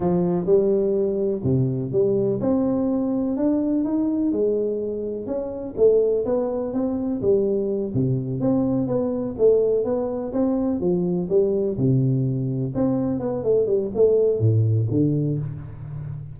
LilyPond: \new Staff \with { instrumentName = "tuba" } { \time 4/4 \tempo 4 = 125 f4 g2 c4 | g4 c'2 d'4 | dis'4 gis2 cis'4 | a4 b4 c'4 g4~ |
g8 c4 c'4 b4 a8~ | a8 b4 c'4 f4 g8~ | g8 c2 c'4 b8 | a8 g8 a4 a,4 d4 | }